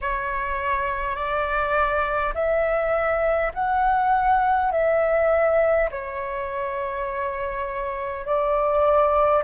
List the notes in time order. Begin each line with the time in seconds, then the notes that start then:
0.01 C#5
1.15 D5
2.34 E5
3.53 F#5
4.71 E5
5.90 C#5
8.25 D5